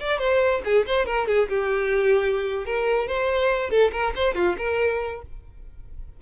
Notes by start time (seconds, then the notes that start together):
0.00 D5
0.19 C5
0.65 G#4
0.86 C5
1.06 A#4
1.28 G#4
1.49 G4
2.66 A#4
3.08 C5
3.71 A4
3.92 A#4
4.16 C5
4.35 F4
4.58 A#4